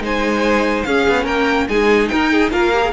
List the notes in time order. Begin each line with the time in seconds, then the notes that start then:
0.00 G#3 D#4 C5 G#5
0.83 C#4 G#4 F5
1.08 B3
1.24 A#3 A#4 G5
1.68 G#3 D#4 G#4 G#5
2.08 D#4 A#4 G5
2.32 G#4
2.51 A#3 F4 A#4 F5
2.73 G4
2.82 G#4